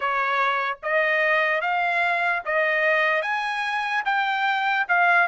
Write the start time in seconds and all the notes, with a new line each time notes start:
0.00 C#5
0.82 D#5
1.61 F5
2.45 D#5
3.22 G#5
4.05 G5
4.88 F5